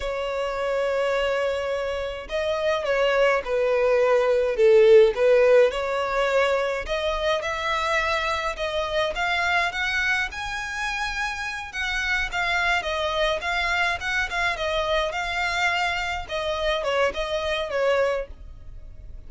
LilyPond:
\new Staff \with { instrumentName = "violin" } { \time 4/4 \tempo 4 = 105 cis''1 | dis''4 cis''4 b'2 | a'4 b'4 cis''2 | dis''4 e''2 dis''4 |
f''4 fis''4 gis''2~ | gis''8 fis''4 f''4 dis''4 f''8~ | f''8 fis''8 f''8 dis''4 f''4.~ | f''8 dis''4 cis''8 dis''4 cis''4 | }